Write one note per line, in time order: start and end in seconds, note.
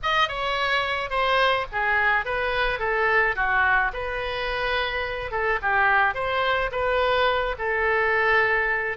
0.03 0.28 D#5
0.28 1.09 C#5
1.09 1.65 C5
1.72 2.25 G#4
2.25 2.79 B4
2.79 3.35 A4
3.35 3.91 F#4
3.93 5.31 B4
5.31 5.59 A4
5.62 6.14 G4
6.14 6.70 C5
6.71 7.55 B4
7.58 8.97 A4